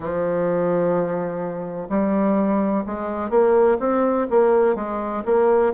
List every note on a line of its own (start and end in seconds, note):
0.00 1.88 F3
1.89 2.84 G3
2.86 3.30 G#3
3.30 3.77 A#3
3.79 4.27 C4
4.29 4.75 A#3
4.75 5.23 G#3
5.25 5.72 A#3